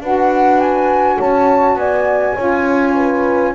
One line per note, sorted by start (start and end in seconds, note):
0.00 1.18 D4
0.00 2.36 F#4
0.00 1.18 B4
0.00 0.60 F#5
0.60 1.19 G#5
1.18 1.75 C#4
1.18 1.76 C#5
1.18 1.78 A5
1.75 2.34 B3
1.75 2.35 D5
1.75 3.54 G#5
2.35 3.54 C#4
2.35 3.54 F4
2.35 2.94 C#5
2.95 3.53 B4